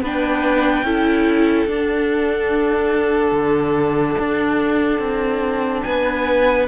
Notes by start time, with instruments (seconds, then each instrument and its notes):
0.00 cello B3, viola D4, violin B4 G5
0.82 cello C#4, viola E4, violin A4
1.66 cello D4, viola D4, violin F#5
3.31 cello D3
4.18 cello D4
4.98 cello C4
5.82 cello B3, violin B4 G#5